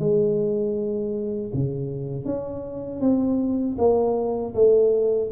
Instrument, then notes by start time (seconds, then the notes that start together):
tuba
0.00 G#3
1.54 C#3
2.25 C#4
3.01 C4
3.79 A#3
4.55 A3